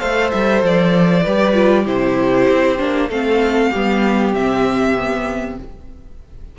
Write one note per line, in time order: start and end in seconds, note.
0.00 0.33 A3
0.00 1.24 A4
0.00 1.24 C5
0.00 0.31 F5
0.31 0.63 G3
0.31 0.62 E5
0.63 1.25 F3
0.63 1.87 D5
1.24 1.87 G3
1.24 1.54 G4
1.24 1.85 B4
1.54 1.85 F4
1.85 2.49 C3
1.85 2.78 E4
1.85 3.08 G4
1.85 3.11 C5
2.49 2.80 C4
2.78 3.10 A#3
2.78 3.09 D4
3.10 3.71 A3
3.10 3.74 C4
3.10 3.71 A4
3.10 4.34 F5
3.71 4.35 G3
3.71 4.34 B3
3.71 5.57 G4
4.34 5.58 C3
4.34 4.96 C4
4.34 5.58 E5
4.97 5.59 B3